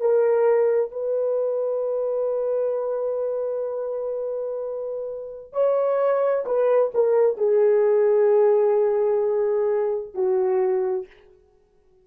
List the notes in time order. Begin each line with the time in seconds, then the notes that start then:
0.00 A#4
0.91 B4
5.53 C#5
6.46 B4
6.94 A#4
7.37 G#4
10.15 F#4